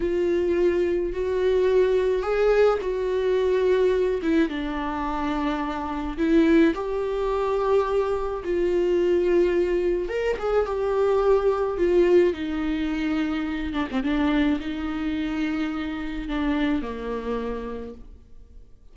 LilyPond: \new Staff \with { instrumentName = "viola" } { \time 4/4 \tempo 4 = 107 f'2 fis'2 | gis'4 fis'2~ fis'8 e'8 | d'2. e'4 | g'2. f'4~ |
f'2 ais'8 gis'8 g'4~ | g'4 f'4 dis'2~ | dis'8 d'16 c'16 d'4 dis'2~ | dis'4 d'4 ais2 | }